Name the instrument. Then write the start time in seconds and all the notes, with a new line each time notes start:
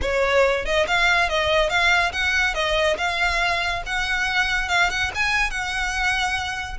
violin
0.01 C#5
0.65 D#5
0.87 F5
1.29 D#5
1.69 F5
2.12 F#5
2.54 D#5
2.97 F5
3.86 F#5
4.68 F5
4.90 F#5
5.15 G#5
5.50 F#5